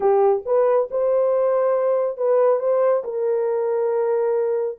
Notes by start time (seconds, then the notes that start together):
0.00 G4
0.45 B4
0.91 C5
2.17 B4
2.59 C5
3.04 A#4